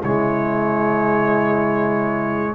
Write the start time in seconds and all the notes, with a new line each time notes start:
0.00 C#3 G#3 E4 C#5